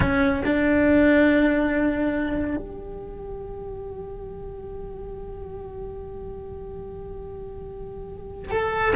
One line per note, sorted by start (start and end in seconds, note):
0.00 0.42 C#4
0.45 2.56 D4
2.56 8.51 G4
8.51 8.93 A4